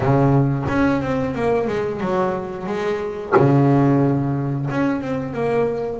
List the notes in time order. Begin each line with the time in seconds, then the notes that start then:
0.00 C#3
0.68 C#4
1.02 C4
1.34 A#3
1.67 G#3
2.00 F#3
2.66 G#3
3.36 C#3
4.70 C#4
5.01 C4
5.33 A#3